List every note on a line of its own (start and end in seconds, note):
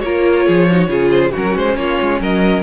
0.00 0.46 A#3
0.00 0.70 F4
0.00 0.46 A#4
0.00 1.09 C#5
0.46 0.88 F3
0.46 0.68 G#4
0.71 0.88 D#4
0.71 0.89 F#4
0.88 1.31 C#3
0.88 1.31 F4
0.88 1.31 G#4
1.11 1.32 C5
1.31 1.56 F#3
1.31 2.63 C#4
1.31 1.74 F#4
1.31 1.57 A#4
1.56 1.77 G#3
1.56 1.77 C5
1.77 1.98 A#3
1.77 2.21 F4
1.77 2.20 C#5
2.00 2.20 G#3
2.20 2.63 F#3
2.20 2.63 A#4
2.20 2.63 D#5